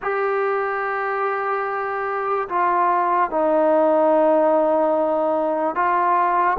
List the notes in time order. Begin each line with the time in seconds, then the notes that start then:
0.01 G4
2.48 F4
3.30 D#4
5.75 F4